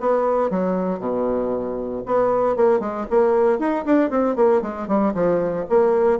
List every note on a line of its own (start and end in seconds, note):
0.00 0.50 B3
0.50 0.99 F#3
0.99 2.02 B2
2.05 2.56 B3
2.56 2.79 A#3
2.79 3.05 G#3
3.10 3.59 A#3
3.59 3.84 D#4
3.85 4.10 D4
4.10 4.35 C4
4.35 4.61 A#3
4.61 4.87 G#3
4.87 5.13 G3
5.13 5.65 F3
5.69 6.19 A#3